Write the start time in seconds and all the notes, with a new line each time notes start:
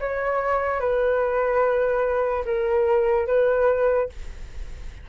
0.00 C#5
0.80 B4
2.45 A#4
3.27 B4